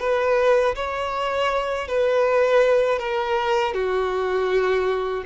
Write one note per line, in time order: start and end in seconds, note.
0.00 0.75 B4
0.75 1.88 C#5
1.88 2.99 B4
2.99 3.74 A#4
3.74 5.24 F#4